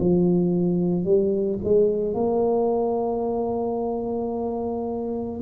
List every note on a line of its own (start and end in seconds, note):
0.00 1.04 F3
1.04 1.59 G3
1.64 2.14 G#3
2.14 5.41 A#3